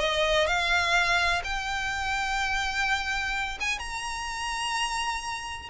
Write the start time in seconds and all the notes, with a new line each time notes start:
0.00 D#5
0.47 F5
1.44 G5
3.61 G#5
3.79 A#5